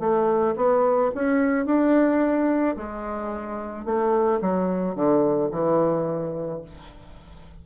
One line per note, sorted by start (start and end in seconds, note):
0.00 0.55 A3
0.57 1.12 B3
1.15 1.66 C#4
1.66 2.76 D4
2.77 3.86 G#3
3.86 4.41 A3
4.42 4.96 F#3
4.96 5.51 D3
5.52 6.62 E3